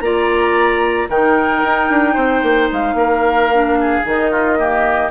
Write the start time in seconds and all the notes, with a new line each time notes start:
0.00 A#3 F4 D5 A#5
1.09 D#3 D#4 A#4 G5
1.63 D#4
1.90 D4
2.14 C4 C5
2.42 A#3
2.71 G#3 F5
2.93 A#3 A#4
3.52 D4
3.80 G#4
4.04 D#3 D#4 D#5
4.31 F4
4.57 A#3 G4